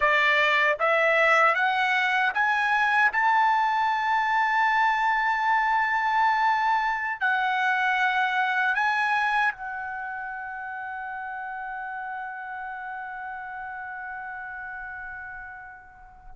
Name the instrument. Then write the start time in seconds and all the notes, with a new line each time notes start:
trumpet
0.00 D5
0.79 E5
1.54 F#5
2.33 G#5
3.12 A5
7.20 F#5
8.74 G#5
9.52 F#5